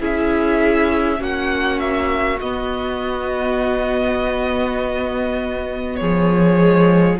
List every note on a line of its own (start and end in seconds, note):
0.00 1.21 C#4
0.00 1.19 E4
0.00 1.20 G#4
0.00 1.24 E5
1.19 2.41 A#3
1.19 2.39 C#4
1.19 6.00 F#4
1.19 1.80 F#5
1.80 2.40 E5
2.41 6.02 B3
2.41 6.58 B3
2.41 5.96 D#5
5.96 7.20 F3
5.96 7.20 G#4
5.96 7.16 C#5
6.58 7.17 G#3